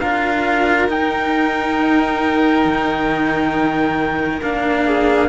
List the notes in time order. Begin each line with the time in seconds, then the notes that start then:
0.00 D4 F4 A#4 F5
0.88 D#4 G5
2.65 D#3
4.42 A#3 D4 F5
4.85 G#4